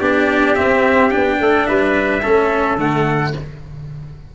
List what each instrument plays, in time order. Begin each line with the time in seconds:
0.00 tuba B3, cello D4, trumpet G4 D5
0.56 cello C4, tuba C4, trumpet E5
1.11 tuba B3, cello D4, trumpet G5
1.40 tuba A3, trumpet A4
1.67 tuba G3, trumpet B4 E5
2.22 tuba A3, cello C#4, trumpet A4
2.76 tuba D3, cello A3, trumpet F#5